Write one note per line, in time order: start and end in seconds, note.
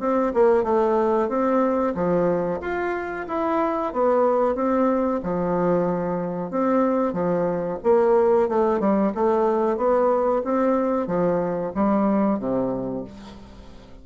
0.00 0.33 C4
0.34 0.63 A#3
0.63 1.29 A3
1.29 1.94 C4
1.94 2.60 F3
2.61 3.26 F4
3.28 3.93 E4
3.93 4.55 B3
4.55 5.20 C4
5.23 6.50 F3
6.50 7.13 C4
7.13 7.78 F3
7.83 8.49 A#3
8.49 8.80 A3
8.80 9.12 G3
9.15 9.77 A3
9.77 10.42 B3
10.44 11.07 C4
11.07 11.72 F3
11.75 12.39 G3
12.39 13.04 C3